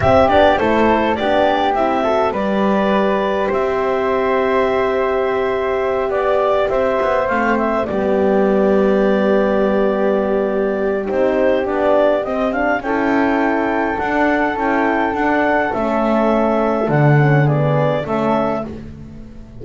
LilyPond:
<<
  \new Staff \with { instrumentName = "clarinet" } { \time 4/4 \tempo 4 = 103 e''8 d''8 c''4 d''4 e''4 | d''2 e''2~ | e''2~ e''8 d''4 e''8~ | e''8 f''8 e''8 d''2~ d''8~ |
d''2. c''4 | d''4 dis''8 f''8 g''2 | fis''4 g''4 fis''4 e''4~ | e''4 fis''4 d''4 e''4 | }
  \new Staff \with { instrumentName = "flute" } { \time 4/4 g'4 a'4 g'4. a'8 | b'2 c''2~ | c''2~ c''8 d''4 c''8~ | c''4. g'2~ g'8~ |
g'1~ | g'2 a'2~ | a'1~ | a'2 gis'4 a'4 | }
  \new Staff \with { instrumentName = "horn" } { \time 4/4 c'8 d'8 e'4 d'4 e'8 fis'8 | g'1~ | g'1~ | g'8 c'4 b2~ b8~ |
b2. dis'4 | d'4 c'8 d'8 e'2 | d'4 e'4 d'4 cis'4~ | cis'4 d'8 cis'8 b4 cis'4 | }
  \new Staff \with { instrumentName = "double bass" } { \time 4/4 c'8 b8 a4 b4 c'4 | g2 c'2~ | c'2~ c'8 b4 c'8 | b8 a4 g2~ g8~ |
g2. c'4 | b4 c'4 cis'2 | d'4 cis'4 d'4 a4~ | a4 d2 a4 | }
>>